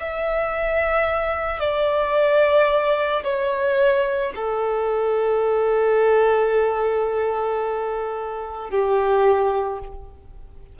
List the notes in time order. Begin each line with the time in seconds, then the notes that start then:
0.00 E5
1.60 D5
3.24 C#5
4.35 A4
8.70 G4